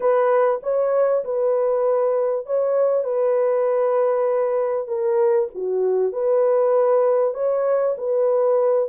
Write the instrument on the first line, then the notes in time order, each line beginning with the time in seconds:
horn
0.00 B4
0.62 C#5
1.24 B4
2.45 C#5
3.03 B4
4.87 A#4
5.54 F#4
6.12 B4
7.34 C#5
7.97 B4